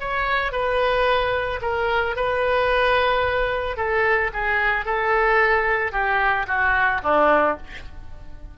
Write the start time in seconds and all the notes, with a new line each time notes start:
0.00 C#5
0.52 B4
1.62 A#4
2.16 B4
3.77 A4
4.33 G#4
4.85 A4
5.92 G4
6.47 F#4
7.03 D4